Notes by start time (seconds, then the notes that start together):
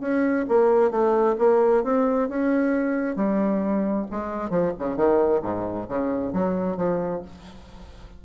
0.00 C#4
0.48 A#3
0.90 A3
1.38 A#3
1.84 C4
2.29 C#4
3.16 G3
4.10 G#3
4.50 F3
4.78 C#3
4.96 D#3
5.42 G#2
5.88 C#3
6.33 F#3
6.76 F3